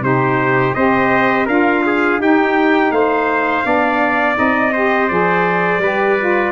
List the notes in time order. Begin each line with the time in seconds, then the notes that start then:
0.00 C3 D#4 G4 C5
0.74 C4 G4 C5 D#5
1.46 D4 F4 A#4 F5
1.86 G#4
2.19 D#4 G4 G5
2.91 A3 C5 F5
3.63 B3 D4 D5
4.35 C4 D#4 D#5
4.73 G4 C5
5.08 F3 G#4 D5
5.78 G3 G4 B4
6.19 F4